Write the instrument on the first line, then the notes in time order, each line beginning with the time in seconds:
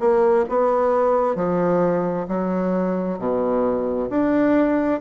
bassoon
0.00 A#3
0.49 B3
1.36 F3
2.28 F#3
3.19 B2
4.10 D4